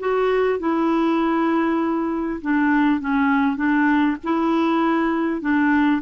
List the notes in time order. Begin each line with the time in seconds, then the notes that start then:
0.00 F#4
0.60 E4
2.42 D4
3.01 C#4
3.57 D4
4.24 E4
5.41 D4